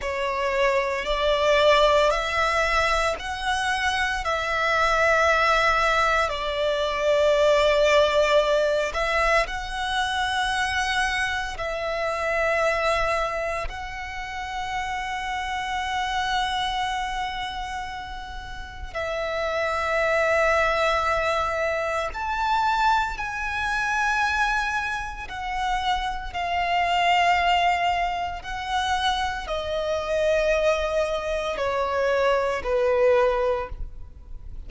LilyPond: \new Staff \with { instrumentName = "violin" } { \time 4/4 \tempo 4 = 57 cis''4 d''4 e''4 fis''4 | e''2 d''2~ | d''8 e''8 fis''2 e''4~ | e''4 fis''2.~ |
fis''2 e''2~ | e''4 a''4 gis''2 | fis''4 f''2 fis''4 | dis''2 cis''4 b'4 | }